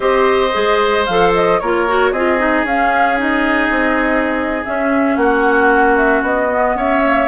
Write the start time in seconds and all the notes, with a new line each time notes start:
0.00 C4 G4 C5 D#5
0.52 G#3 G#4
1.05 F3 A4 F5
1.34 D#5
1.59 A#3 F4 A#4 C#5
1.87 F#4
2.12 C4 F4 G#4 D#5
2.38 D#4
2.63 C#4 F5
3.17 D#4 D#5
3.70 C4
4.65 C#4 E5
5.16 A#3 F#4 F#5
5.96 E5
6.21 B3 D#5
6.49 B3
6.74 C#4 C#5 E5
7.04 A#3